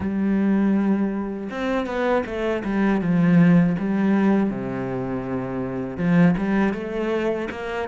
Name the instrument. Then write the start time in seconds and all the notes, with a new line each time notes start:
cello
0.00 G3
1.50 C4
1.86 B3
2.25 A3
2.64 G3
3.01 F3
3.78 G3
4.50 C3
5.97 F3
6.38 G3
6.73 A3
7.50 A#3